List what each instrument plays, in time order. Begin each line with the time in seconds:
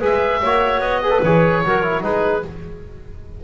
0.00 double bass G#3, trombone G#4, clarinet B4, oboe E5
0.42 double bass A#3, trombone F#4, clarinet C#5
0.80 double bass B3, oboe D#5
1.02 trombone G#4, clarinet B4
1.11 trombone A4
1.23 double bass E3, trombone G#4, oboe C#5
1.64 double bass F#3, trombone F#4, clarinet A#4
1.82 trombone E4
2.01 double bass G#3, trombone D#4, clarinet G#4, oboe B4